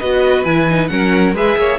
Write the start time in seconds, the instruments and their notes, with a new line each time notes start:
0.00 cello B3, viola F#4, violin B4 D#5
0.45 cello E3, viola E4, violin G#5
0.70 viola D#4
0.88 cello F#3, viola C#4, violin A#4 F#5
1.35 cello G#3, viola G#4, violin B4 E5
1.57 cello A#3, violin C#5